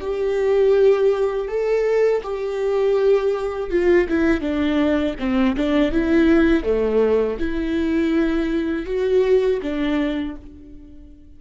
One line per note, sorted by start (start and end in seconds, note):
0.00 1.47 G4
1.47 2.22 A4
2.23 3.70 G4
3.70 4.07 F4
4.08 4.40 E4
4.40 5.14 D4
5.19 5.56 C4
5.56 5.91 D4
5.91 6.63 E4
6.63 7.37 A3
7.39 8.86 E4
8.86 9.60 F#4
9.62 10.36 D4